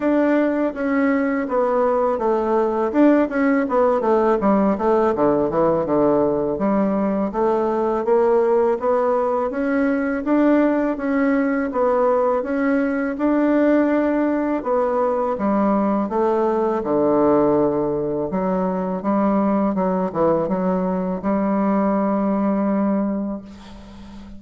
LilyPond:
\new Staff \with { instrumentName = "bassoon" } { \time 4/4 \tempo 4 = 82 d'4 cis'4 b4 a4 | d'8 cis'8 b8 a8 g8 a8 d8 e8 | d4 g4 a4 ais4 | b4 cis'4 d'4 cis'4 |
b4 cis'4 d'2 | b4 g4 a4 d4~ | d4 fis4 g4 fis8 e8 | fis4 g2. | }